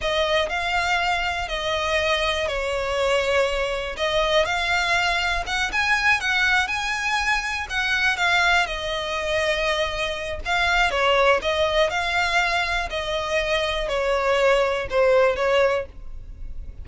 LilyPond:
\new Staff \with { instrumentName = "violin" } { \time 4/4 \tempo 4 = 121 dis''4 f''2 dis''4~ | dis''4 cis''2. | dis''4 f''2 fis''8 gis''8~ | gis''8 fis''4 gis''2 fis''8~ |
fis''8 f''4 dis''2~ dis''8~ | dis''4 f''4 cis''4 dis''4 | f''2 dis''2 | cis''2 c''4 cis''4 | }